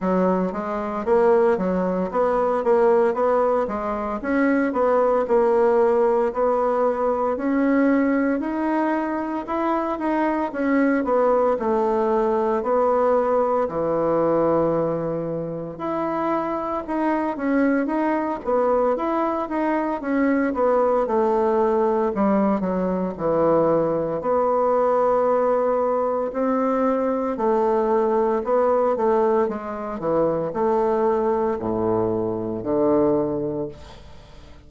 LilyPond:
\new Staff \with { instrumentName = "bassoon" } { \time 4/4 \tempo 4 = 57 fis8 gis8 ais8 fis8 b8 ais8 b8 gis8 | cis'8 b8 ais4 b4 cis'4 | dis'4 e'8 dis'8 cis'8 b8 a4 | b4 e2 e'4 |
dis'8 cis'8 dis'8 b8 e'8 dis'8 cis'8 b8 | a4 g8 fis8 e4 b4~ | b4 c'4 a4 b8 a8 | gis8 e8 a4 a,4 d4 | }